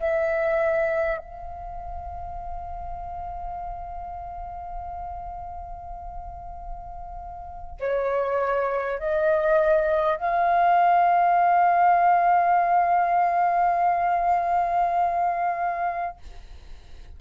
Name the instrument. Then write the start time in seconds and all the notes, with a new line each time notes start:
flute
0.00 E5
1.18 F5
7.79 C#5
8.99 D#5
10.17 F5